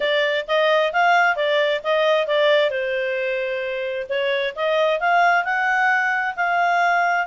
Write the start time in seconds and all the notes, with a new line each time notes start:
0.00 D5
0.47 D#5
0.92 F5
1.35 D5
1.83 D#5
2.27 D5
2.70 C5
4.09 C#5
4.55 D#5
5.00 F5
5.44 F#5
6.36 F5